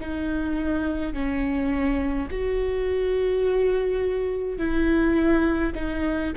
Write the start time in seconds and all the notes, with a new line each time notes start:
0.00 D#4
1.13 C#4
2.31 F#4
4.58 E4
5.74 D#4